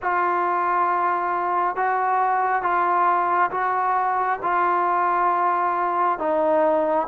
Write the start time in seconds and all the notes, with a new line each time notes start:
0.02 F4
1.76 F#4
2.62 F4
3.51 F#4
4.42 F4
6.18 D#4